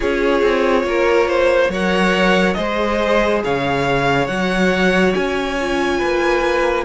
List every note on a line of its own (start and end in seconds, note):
0.00 0.42 C#4
0.00 1.70 F4
0.00 0.84 G#4
0.00 1.72 C#5
0.42 0.83 C4
0.83 1.69 A#3
0.83 1.27 A#4
1.27 1.70 C5
1.69 2.55 F#3
1.69 2.55 A#4
1.69 2.56 C#5
1.69 2.53 F#5
2.53 3.43 G#3
2.53 4.26 G#4
2.53 3.43 C5
2.53 3.39 D#5
3.44 4.28 C#3
3.44 5.98 C#5
3.44 4.27 F5
4.27 5.14 F#3
4.27 5.56 F#4
4.27 5.13 F#5
5.14 6.01 C#4
5.14 6.84 G#5
5.60 6.84 F4
5.98 6.84 A#3
5.98 6.84 B4